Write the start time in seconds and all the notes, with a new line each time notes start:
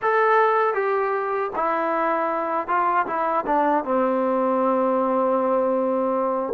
0.02 A4
0.73 G4
1.55 E4
2.67 F4
3.06 E4
3.46 D4
3.84 C4